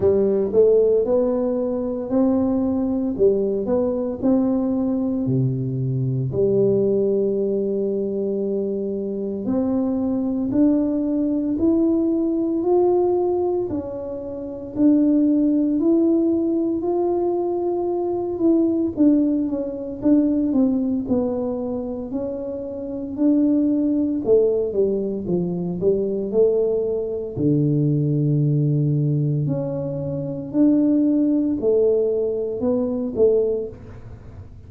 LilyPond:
\new Staff \with { instrumentName = "tuba" } { \time 4/4 \tempo 4 = 57 g8 a8 b4 c'4 g8 b8 | c'4 c4 g2~ | g4 c'4 d'4 e'4 | f'4 cis'4 d'4 e'4 |
f'4. e'8 d'8 cis'8 d'8 c'8 | b4 cis'4 d'4 a8 g8 | f8 g8 a4 d2 | cis'4 d'4 a4 b8 a8 | }